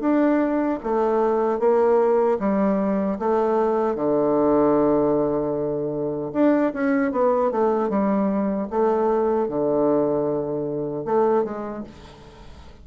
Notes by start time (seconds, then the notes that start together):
0.00 D4
0.83 A3
1.59 A#3
2.39 G3
3.19 A3
3.95 D3
6.33 D4
6.73 C#4
7.12 B3
7.51 A3
7.89 G3
8.70 A3
9.48 D3
11.05 A3
11.44 G#3